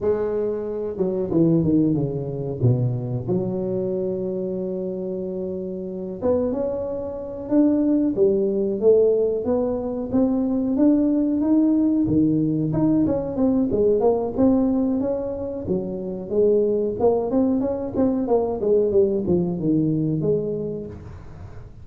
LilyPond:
\new Staff \with { instrumentName = "tuba" } { \time 4/4 \tempo 4 = 92 gis4. fis8 e8 dis8 cis4 | b,4 fis2.~ | fis4. b8 cis'4. d'8~ | d'8 g4 a4 b4 c'8~ |
c'8 d'4 dis'4 dis4 dis'8 | cis'8 c'8 gis8 ais8 c'4 cis'4 | fis4 gis4 ais8 c'8 cis'8 c'8 | ais8 gis8 g8 f8 dis4 gis4 | }